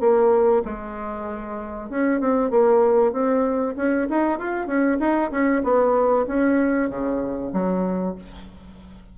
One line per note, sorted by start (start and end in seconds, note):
0.00 0.62 A#3
0.65 1.89 G#3
1.89 2.20 C#4
2.20 2.50 C4
2.50 3.12 A#3
3.12 3.75 C4
3.76 4.08 C#4
4.10 4.39 D#4
4.39 4.67 F4
4.67 4.98 C#4
4.99 5.31 D#4
5.32 5.63 C#4
5.64 6.26 B3
6.27 6.89 C#4
6.89 7.52 C#3
7.53 8.15 F#3